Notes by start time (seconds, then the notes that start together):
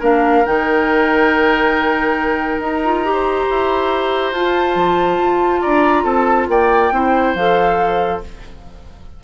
0.00 A#3 D4 A#4 F5
0.46 D#3 D#4 G5
2.60 D#4 A#5
2.85 F4
3.05 G4
3.13 C5
3.50 E4
4.32 F4 A5
4.75 F3
5.18 F4
5.62 D4 D5 A#5
6.04 C4 A4 A5
6.49 A#3 D5 G5
6.92 C4 E4 C5
7.35 F3 A4 F5